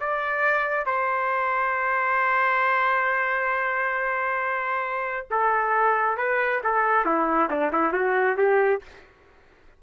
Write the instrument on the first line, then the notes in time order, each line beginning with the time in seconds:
trumpet
0.00 D5
0.86 C5
5.31 A4
6.17 B4
6.64 A4
7.05 E4
7.50 D4
7.73 E4
7.93 F#4
8.37 G4